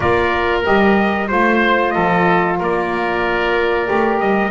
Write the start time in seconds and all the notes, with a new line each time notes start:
0.00 A#3 F4 A#4 D5
0.63 G3 G4 D#5
1.27 A3 F4 C5
1.90 F3 A4 D#5
2.58 A#3 A#4 D5
3.86 A3 G4
4.19 G3 D#5